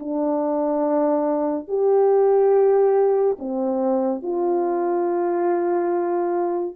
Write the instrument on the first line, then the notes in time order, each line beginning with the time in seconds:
horn
0.00 D4
1.69 G4
3.39 C4
4.23 F4